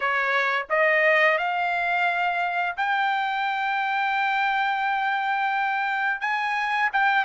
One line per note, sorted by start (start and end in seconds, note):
0.00 0.66 C#5
0.69 1.38 D#5
1.38 2.76 F5
2.76 6.20 G5
6.20 6.89 G#5
6.92 7.24 G5